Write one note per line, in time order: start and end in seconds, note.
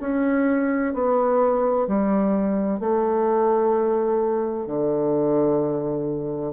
0.00 0.94 C#4
0.94 1.87 B3
1.87 2.80 G3
2.80 4.66 A3
4.66 6.53 D3